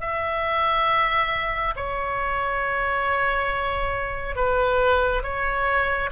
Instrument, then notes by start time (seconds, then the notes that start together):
oboe
0.00 E5
1.75 C#5
4.35 B4
5.23 C#5